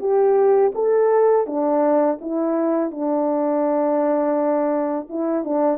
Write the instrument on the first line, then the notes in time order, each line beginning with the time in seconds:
horn
0.00 G4
0.75 A4
1.47 D4
2.21 E4
2.91 D4
5.09 E4
5.44 D4